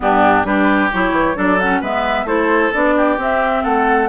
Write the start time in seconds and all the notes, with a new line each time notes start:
0.00 G2 B3 D4 G4
0.44 G3 D4 G4 B4
0.92 F#3 E4 C#5
1.11 E3
1.35 F#3 D4 A4 D5
1.59 C#4 F#5
1.80 G#3 B3 B4 E5
2.24 A3 E4 A4 C5
2.73 B3 D4 D5
2.96 G4
3.17 C4 E5
3.63 A3 A4 F#5